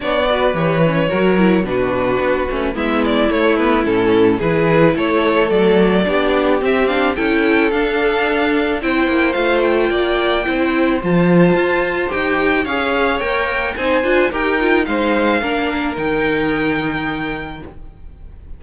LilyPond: <<
  \new Staff \with { instrumentName = "violin" } { \time 4/4 \tempo 4 = 109 d''4 cis''2 b'4~ | b'4 e''8 d''8 cis''8 b'8 a'4 | b'4 cis''4 d''2 | e''8 f''8 g''4 f''2 |
g''4 f''8 g''2~ g''8 | a''2 g''4 f''4 | g''4 gis''4 g''4 f''4~ | f''4 g''2. | }
  \new Staff \with { instrumentName = "violin" } { \time 4/4 cis''8 b'4. ais'4 fis'4~ | fis'4 e'2. | gis'4 a'2 g'4~ | g'4 a'2. |
c''2 d''4 c''4~ | c''2. cis''4~ | cis''4 c''4 ais'4 c''4 | ais'1 | }
  \new Staff \with { instrumentName = "viola" } { \time 4/4 d'8 fis'8 g'8 cis'8 fis'8 e'8 d'4~ | d'8 cis'8 b4 a8 b8 cis'4 | e'2 a4 d'4 | c'8 d'8 e'4 d'2 |
e'4 f'2 e'4 | f'2 g'4 gis'4 | ais'4 dis'8 f'8 g'8 f'8 dis'4 | d'4 dis'2. | }
  \new Staff \with { instrumentName = "cello" } { \time 4/4 b4 e4 fis4 b,4 | b8 a8 gis4 a4 a,4 | e4 a4 fis4 b4 | c'4 cis'4 d'2 |
c'8 ais8 a4 ais4 c'4 | f4 f'4 dis'4 cis'4 | ais4 c'8 d'8 dis'4 gis4 | ais4 dis2. | }
>>